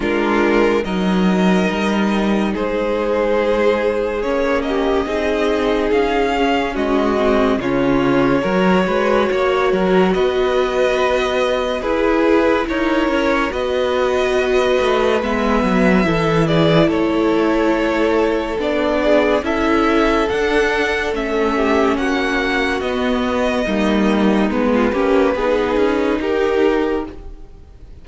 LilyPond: <<
  \new Staff \with { instrumentName = "violin" } { \time 4/4 \tempo 4 = 71 ais'4 dis''2 c''4~ | c''4 cis''8 dis''4. f''4 | dis''4 cis''2. | dis''2 b'4 cis''4 |
dis''2 e''4. d''8 | cis''2 d''4 e''4 | fis''4 e''4 fis''4 dis''4~ | dis''4 b'2 ais'4 | }
  \new Staff \with { instrumentName = "violin" } { \time 4/4 f'4 ais'2 gis'4~ | gis'4. g'8 gis'2 | fis'4 f'4 ais'8 b'8 cis''8 ais'8 | b'2 gis'4 ais'4 |
b'2. a'8 gis'8 | a'2~ a'8 gis'8 a'4~ | a'4. g'8 fis'2 | dis'4~ dis'16 f'16 g'8 gis'4 g'4 | }
  \new Staff \with { instrumentName = "viola" } { \time 4/4 d'4 dis'2.~ | dis'4 cis'4 dis'4. cis'8~ | cis'8 c'8 cis'4 fis'2~ | fis'2 e'2 |
fis'2 b4 e'4~ | e'2 d'4 e'4 | d'4 cis'2 b4 | ais4 b8 cis'8 dis'2 | }
  \new Staff \with { instrumentName = "cello" } { \time 4/4 gis4 fis4 g4 gis4~ | gis4 ais4 c'4 cis'4 | gis4 cis4 fis8 gis8 ais8 fis8 | b2 e'4 dis'8 cis'8 |
b4. a8 gis8 fis8 e4 | a2 b4 cis'4 | d'4 a4 ais4 b4 | g4 gis8 ais8 b8 cis'8 dis'4 | }
>>